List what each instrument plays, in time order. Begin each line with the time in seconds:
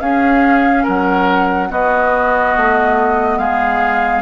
0.00 bassoon C#4, clarinet C#4, oboe G#4, flute F5
0.83 bassoon F#3, oboe A#4, flute F#5
1.69 clarinet B3, bassoon B3, oboe F#4, flute D#5
2.56 bassoon A3
3.38 bassoon G#3, oboe G#4, flute F5